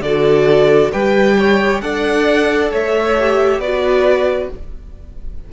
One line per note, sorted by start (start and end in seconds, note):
0.00 0.90 D3
0.00 0.93 F#4
0.00 0.92 A4
0.00 0.91 D5
0.92 1.82 G3
0.92 1.82 G4
0.92 1.37 B4
0.92 1.81 G5
1.38 1.83 C#5
1.81 2.71 D4
1.81 3.16 A4
1.81 2.71 D5
1.81 2.70 F#5
2.71 3.58 A3
2.71 3.60 C#5
2.71 3.60 E5
3.18 3.63 G4
3.58 4.48 B3
3.58 4.53 F#4
3.58 4.50 B4
3.58 4.49 D5